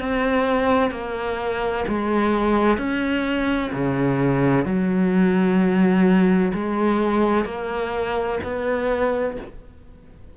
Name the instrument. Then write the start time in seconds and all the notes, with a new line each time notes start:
cello
0.00 C4
0.92 A#3
1.88 G#3
2.78 C#4
3.73 C#3
4.65 F#3
6.54 G#3
7.46 A#3
8.44 B3